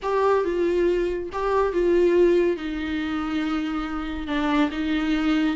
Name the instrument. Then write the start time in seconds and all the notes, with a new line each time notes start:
viola
0.02 G4
0.44 F4
1.32 G4
1.72 F4
2.56 D#4
4.27 D4
4.71 D#4